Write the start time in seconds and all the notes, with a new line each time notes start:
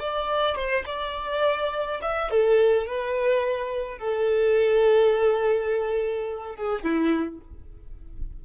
0.00 D5
0.56 C5
0.86 D5
2.02 E5
2.31 A4
2.87 B4
3.99 A4
6.56 G#4
6.83 E4